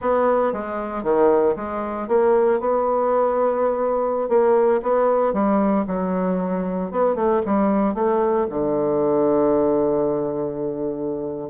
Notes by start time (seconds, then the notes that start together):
0.01 B3
0.52 G#3
1.03 D#3
1.56 G#3
2.08 A#3
2.60 B3
4.29 A#3
4.82 B3
5.33 G3
5.87 F#3
6.91 B3
7.15 A3
7.45 G3
7.94 A3
8.50 D3